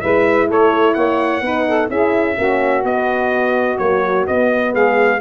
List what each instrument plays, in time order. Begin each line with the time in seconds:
0.00 tuba G#3, horn E4, saxophone B4, trumpet E5
0.46 tuba A3, saxophone A4, trumpet C#5
0.94 tuba A#3, saxophone C#5, trumpet F#5
1.41 tuba B3, horn D#4, saxophone B4
1.67 saxophone A4
1.88 tuba C#4, horn E4, saxophone G#4, trumpet E5
2.36 tuba A#3, horn C#4, saxophone F#4
2.83 tuba B3, horn B3, trumpet D#5
3.78 horn F#3, tuba A#3, trumpet C#5
4.27 horn B3, tuba B3, trumpet D#5
4.72 tuba G#3, saxophone G#4, trumpet F5